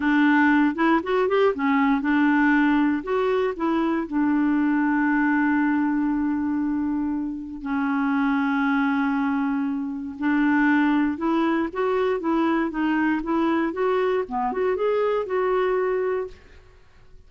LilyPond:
\new Staff \with { instrumentName = "clarinet" } { \time 4/4 \tempo 4 = 118 d'4. e'8 fis'8 g'8 cis'4 | d'2 fis'4 e'4 | d'1~ | d'2. cis'4~ |
cis'1 | d'2 e'4 fis'4 | e'4 dis'4 e'4 fis'4 | b8 fis'8 gis'4 fis'2 | }